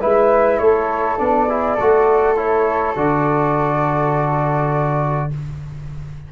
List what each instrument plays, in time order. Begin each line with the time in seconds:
0.00 tuba G#3, trombone E4, flute B4 E5
0.58 tuba A3, flute A4 C#5
1.17 tuba B3, trombone D4, flute D5
1.49 trombone E4, flute G#4
1.74 tuba A3, trombone F#4, flute A4
2.36 trombone E4, flute C#5
2.95 tuba D3, trombone F#4, flute D5